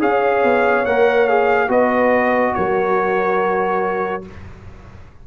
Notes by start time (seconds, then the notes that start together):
0.00 C#4 G#4 C#5 F5
0.44 B3
0.86 A#3 A#4 F#5
1.28 G#4 F5
1.68 B3 F#4 B4 D#5
2.55 F#3 A#4 C#5